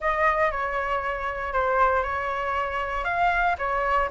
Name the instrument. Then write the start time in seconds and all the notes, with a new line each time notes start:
flute
0.00 D#5
0.51 C#5
1.53 C5
2.03 C#5
3.04 F5
3.58 C#5